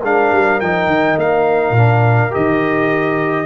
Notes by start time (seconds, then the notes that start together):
0.00 G#3 D4 A#4 F5
0.32 G3
0.60 F3 D#4 G5
0.87 D#3
1.17 A#3 F5
1.70 A#2 D4
2.30 D#3 G4 D#5